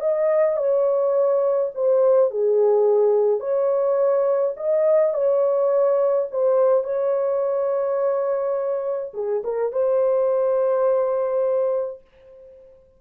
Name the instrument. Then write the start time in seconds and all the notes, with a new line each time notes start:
horn
0.00 D#5
0.56 C#5
1.75 C5
2.30 G#4
3.40 C#5
4.56 D#5
5.14 C#5
6.31 C5
6.83 C#5
9.14 G#4
9.44 A#4
9.72 C5